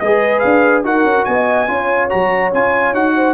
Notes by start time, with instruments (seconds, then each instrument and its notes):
0.00 tuba G#3, trombone G#4, horn B4, trumpet D#5
0.40 tuba D4, trumpet F5
0.84 tuba D#4, trombone F#4, horn A#4, trumpet F#5
1.04 tuba C#4
1.25 tuba B3, horn D#5, trumpet G#5
1.68 tuba C#4, trombone F4, horn C#5
2.10 tuba F#3, trombone F#4, trumpet A#5
2.54 tuba C#4, trombone F4, trumpet G#5
2.93 tuba D#4, trombone F#4, trumpet F#5
3.16 horn C5